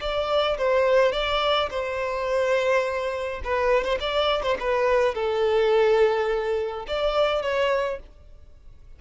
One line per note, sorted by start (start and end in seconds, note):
0.00 0.57 D5
0.58 1.12 C5
1.12 1.70 D5
1.70 3.42 C5
3.44 3.84 B4
3.84 3.98 C5
4.00 4.43 D5
4.43 4.57 C5
4.60 5.15 B4
5.15 6.86 A4
6.87 7.42 D5
7.42 7.99 C#5